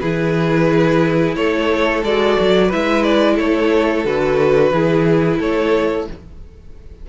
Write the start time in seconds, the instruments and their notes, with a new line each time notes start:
0.00 cello E3, viola E4, violin G#4 B4
1.35 cello A3, violin A4 C#5
2.03 cello G#3, viola F#4, violin D5
2.39 cello F#3
2.67 viola E4, violin B4 E5
2.73 cello G#3
3.03 violin D5
3.35 cello A3, violin A4 C#5
4.04 cello D3, viola F#4, violin B4
4.71 cello E3, viola E4, violin G#4
5.39 cello A3, violin A4 C#5